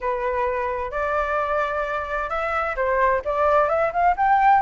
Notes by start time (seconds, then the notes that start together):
0.00 B4
0.91 D5
2.29 E5
2.76 C5
3.24 D5
3.69 E5
3.92 F5
4.16 G5